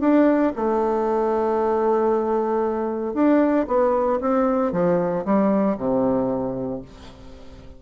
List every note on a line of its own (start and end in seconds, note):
0.00 0.52 D4
0.55 3.14 A3
3.14 3.66 D4
3.67 4.20 B3
4.20 4.72 C4
4.72 5.24 F3
5.25 5.77 G3
5.77 6.82 C3